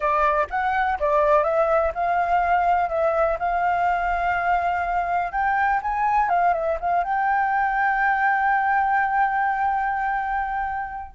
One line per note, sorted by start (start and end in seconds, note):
0.00 0.47 D5
0.50 0.98 F#5
0.99 1.43 D5
1.43 1.92 E5
1.94 2.89 F5
2.89 3.37 E5
3.39 5.32 F5
5.32 5.80 G5
5.82 6.29 G#5
6.29 6.53 F5
6.53 6.77 E5
6.79 7.03 F5
7.03 11.14 G5